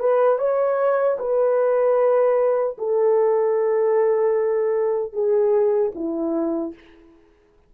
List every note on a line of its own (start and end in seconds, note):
0.00 0.39 B4
0.39 1.18 C#5
1.19 2.77 B4
2.78 5.13 A4
5.13 5.92 G#4
5.95 6.74 E4